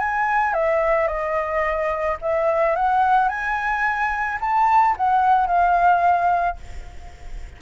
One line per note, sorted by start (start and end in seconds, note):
0.00 0.54 G#5
0.54 1.08 E5
1.08 2.18 D#5
2.22 2.76 E5
2.76 3.29 F#5
3.29 4.39 G#5
4.41 4.96 A5
4.97 5.47 F#5
5.47 6.58 F5